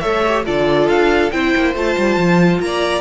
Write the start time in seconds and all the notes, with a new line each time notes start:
0.00 A3 A4 C#5 E5
0.28 G4
0.45 D3 F4 A4 D5
0.88 D4 F5
1.31 C4 E4 C5 G5
1.57 A#3
1.74 A3 F4 A5
1.98 G3
2.16 F3
2.59 A#3 D5 A#5